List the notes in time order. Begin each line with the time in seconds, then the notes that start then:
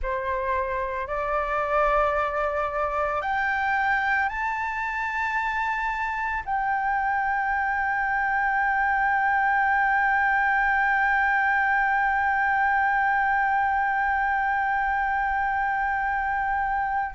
0.02 C5
1.07 D5
3.21 G5
4.29 A5
6.45 G5